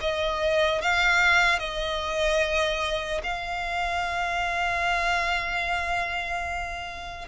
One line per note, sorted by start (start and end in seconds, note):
0.00 0.81 D#5
0.81 1.59 F5
1.59 3.21 D#5
3.23 7.28 F5